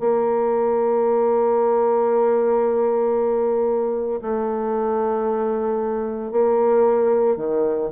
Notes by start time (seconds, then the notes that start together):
0.00 A#3
4.22 A3
6.32 A#3
7.37 D#3